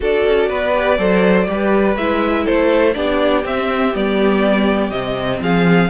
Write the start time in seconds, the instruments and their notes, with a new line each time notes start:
0.00 cello D4, viola F#4, violin A4 D5
0.25 cello C#4
0.49 cello B3, violin B4
0.74 viola G4
0.98 cello F#3, viola A4, violin C5
1.46 cello G3, viola G4, violin B4
1.96 cello G#3, viola E4, violin E5
2.43 cello A3, violin A4 C5
2.94 cello B3, viola D4, violin G4 D5
3.43 viola C4, cello C4, violin E5
3.93 cello G3, viola B3, violin D5
4.90 cello C3, viola C4, violin D#5
5.40 cello F3, violin G#4 F5